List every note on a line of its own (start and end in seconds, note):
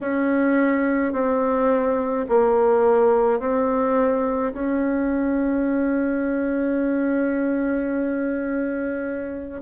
0.01 1.12 C#4
1.12 2.25 C4
2.28 3.40 A#3
3.40 4.53 C4
4.53 9.62 C#4